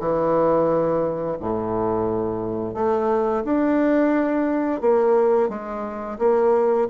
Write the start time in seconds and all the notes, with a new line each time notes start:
0.00 E3
1.40 A2
2.75 A3
3.45 D4
4.81 A#3
5.49 G#3
6.19 A#3